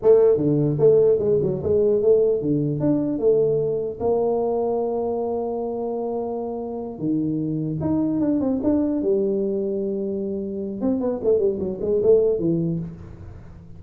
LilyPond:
\new Staff \with { instrumentName = "tuba" } { \time 4/4 \tempo 4 = 150 a4 d4 a4 gis8 fis8 | gis4 a4 d4 d'4 | a2 ais2~ | ais1~ |
ais4. dis2 dis'8~ | dis'8 d'8 c'8 d'4 g4.~ | g2. c'8 b8 | a8 g8 fis8 gis8 a4 e4 | }